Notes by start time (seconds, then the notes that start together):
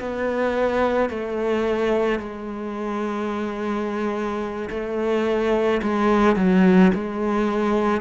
0.00 B3
1.10 A3
2.19 G#3
4.70 A3
5.82 G#3
6.36 F#3
6.94 G#3